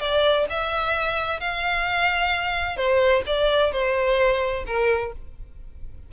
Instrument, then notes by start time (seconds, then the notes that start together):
violin
0.00 D5
0.50 E5
1.40 F5
2.77 C5
3.26 D5
3.72 C5
4.66 A#4